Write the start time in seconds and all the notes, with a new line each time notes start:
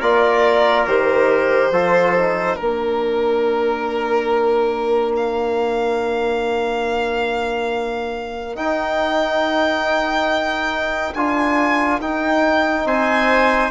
0.00 A#3 F4 A#4 D5
0.86 D#3 G4 C5
1.71 F3 F4 A4
2.16 D#4
2.56 A#3 D4 A#4
5.16 F5
8.56 D#4 G5
11.14 D4 F4 G#5
12.01 D#4 G5
12.85 C4 C5 G#5